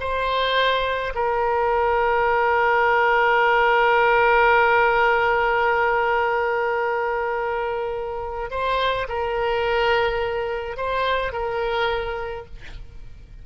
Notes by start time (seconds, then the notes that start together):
0.00 C5
1.14 A#4
8.50 C5
9.08 A#4
10.77 C5
11.32 A#4